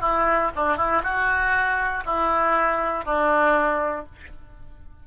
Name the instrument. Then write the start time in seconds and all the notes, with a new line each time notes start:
oboe
0.00 E4
0.55 D4
0.77 E4
1.03 F#4
2.05 E4
3.04 D4